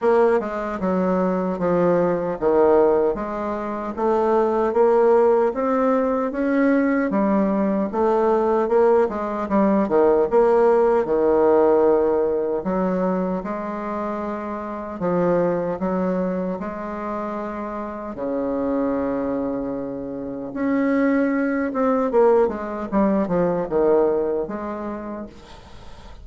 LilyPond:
\new Staff \with { instrumentName = "bassoon" } { \time 4/4 \tempo 4 = 76 ais8 gis8 fis4 f4 dis4 | gis4 a4 ais4 c'4 | cis'4 g4 a4 ais8 gis8 | g8 dis8 ais4 dis2 |
fis4 gis2 f4 | fis4 gis2 cis4~ | cis2 cis'4. c'8 | ais8 gis8 g8 f8 dis4 gis4 | }